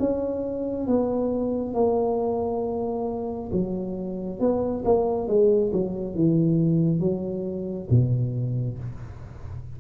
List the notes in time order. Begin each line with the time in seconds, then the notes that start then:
0.00 C#4
0.87 B3
1.74 A#3
3.52 F#3
4.40 B3
4.85 A#3
5.28 G#3
5.73 F#3
6.15 E3
7.00 F#3
7.91 B2